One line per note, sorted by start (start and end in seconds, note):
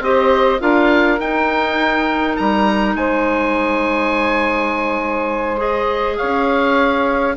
0.00 0.59 C4
0.00 0.59 G4
0.00 0.61 C5
0.00 0.61 D#5
0.59 1.20 D4
0.59 1.18 F4
0.59 2.96 A#4
0.59 1.20 F5
1.20 2.37 D#4
1.20 5.57 D#4
1.20 2.37 G5
2.37 2.95 G3
2.37 2.95 A#5
2.95 6.19 G#3
2.95 6.17 C5
2.95 5.61 G#5
5.57 7.34 G#4
5.57 6.18 D#5
6.17 7.37 C#4
6.17 7.35 C#5
6.17 7.35 F5